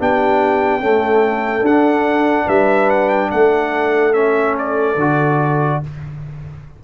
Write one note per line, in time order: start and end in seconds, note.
0.00 0.80 B3
0.00 0.82 D4
0.00 0.82 G4
0.00 1.66 G5
0.80 1.65 A3
0.80 1.62 C#4
0.80 2.45 A4
1.62 2.45 D4
1.62 4.14 D4
1.62 2.49 F#5
2.45 3.32 G3
2.45 3.29 B4
2.45 2.90 E5
2.90 3.10 F#5
3.10 3.31 G5
3.31 4.96 A3
3.31 5.81 A4
3.31 4.14 F#5
4.14 4.97 C#4
4.14 4.55 E5
4.59 5.84 D5
4.96 5.79 D3
4.96 5.84 F#4